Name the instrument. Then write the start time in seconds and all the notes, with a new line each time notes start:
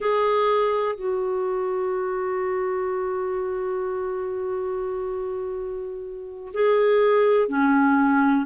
clarinet
0.00 G#4
0.95 F#4
6.53 G#4
7.48 C#4